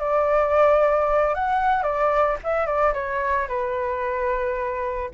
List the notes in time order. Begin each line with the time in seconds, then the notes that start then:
0.00 D5
1.35 F#5
1.83 D5
2.44 E5
2.67 D5
2.94 C#5
3.48 B4